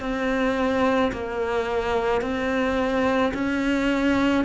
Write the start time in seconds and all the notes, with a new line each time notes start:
0.00 C4
1.12 A#3
2.21 C4
3.33 C#4